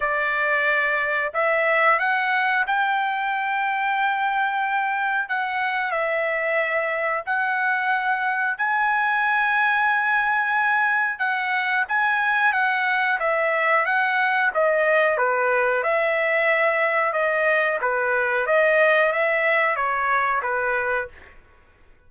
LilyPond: \new Staff \with { instrumentName = "trumpet" } { \time 4/4 \tempo 4 = 91 d''2 e''4 fis''4 | g''1 | fis''4 e''2 fis''4~ | fis''4 gis''2.~ |
gis''4 fis''4 gis''4 fis''4 | e''4 fis''4 dis''4 b'4 | e''2 dis''4 b'4 | dis''4 e''4 cis''4 b'4 | }